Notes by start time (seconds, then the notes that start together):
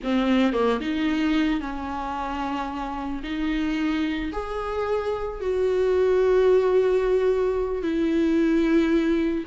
0.03 C4
0.53 A#3
0.80 D#4
1.60 C#4
3.23 D#4
4.32 G#4
5.40 F#4
7.82 E4